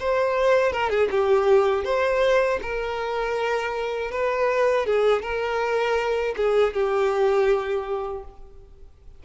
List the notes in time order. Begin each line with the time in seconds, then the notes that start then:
0.00 C5
0.73 A#4
0.90 G#4
1.11 G4
1.85 C5
2.62 A#4
4.11 B4
4.86 G#4
5.23 A#4
6.37 G#4
6.74 G4